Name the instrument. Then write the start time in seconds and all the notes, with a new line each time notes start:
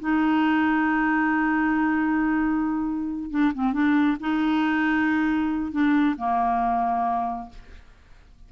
clarinet
0.00 D#4
3.31 D4
3.55 C4
3.73 D4
4.21 D#4
5.72 D4
6.17 A#3